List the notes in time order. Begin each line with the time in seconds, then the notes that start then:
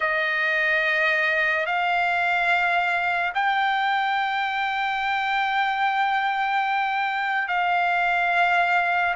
0.00 D#5
1.66 F5
3.34 G5
7.48 F5